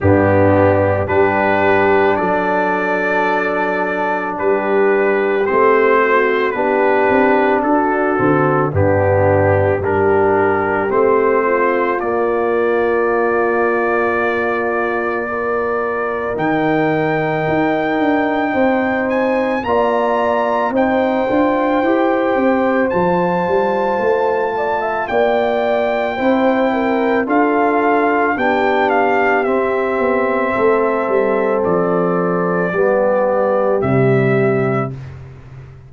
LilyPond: <<
  \new Staff \with { instrumentName = "trumpet" } { \time 4/4 \tempo 4 = 55 g'4 b'4 d''2 | b'4 c''4 b'4 a'4 | g'4 ais'4 c''4 d''4~ | d''2. g''4~ |
g''4. gis''8 ais''4 g''4~ | g''4 a''2 g''4~ | g''4 f''4 g''8 f''8 e''4~ | e''4 d''2 e''4 | }
  \new Staff \with { instrumentName = "horn" } { \time 4/4 d'4 g'4 a'2 | g'4. fis'8 g'4 fis'4 | d'4 g'4. f'4.~ | f'2 ais'2~ |
ais'4 c''4 d''4 c''4~ | c''2~ c''8 d''16 e''16 d''4 | c''8 ais'8 a'4 g'2 | a'2 g'2 | }
  \new Staff \with { instrumentName = "trombone" } { \time 4/4 b4 d'2.~ | d'4 c'4 d'4. c'8 | b4 d'4 c'4 ais4~ | ais2 f'4 dis'4~ |
dis'2 f'4 dis'8 f'8 | g'4 f'2. | e'4 f'4 d'4 c'4~ | c'2 b4 g4 | }
  \new Staff \with { instrumentName = "tuba" } { \time 4/4 g,4 g4 fis2 | g4 a4 b8 c'8 d'8 d8 | g,4 g4 a4 ais4~ | ais2. dis4 |
dis'8 d'8 c'4 ais4 c'8 d'8 | e'8 c'8 f8 g8 a4 ais4 | c'4 d'4 b4 c'8 b8 | a8 g8 f4 g4 c4 | }
>>